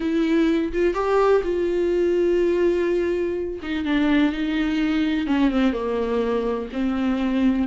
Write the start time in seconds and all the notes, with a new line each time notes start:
0.00 E4
0.72 F4
0.94 G4
1.43 F4
3.62 D#4
3.84 D4
4.32 D#4
5.26 C#4
5.50 C4
5.73 A#3
6.72 C4